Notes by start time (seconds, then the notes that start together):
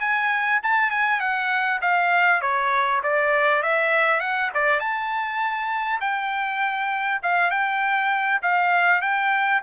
0.00 G#5
0.63 A5
0.91 G#5
1.20 F#5
1.81 F5
2.41 C#5
3.03 D5
3.63 E5
4.20 F#5
4.54 D5
4.80 A5
6.01 G5
7.23 F5
7.51 G5
8.42 F5
9.01 G5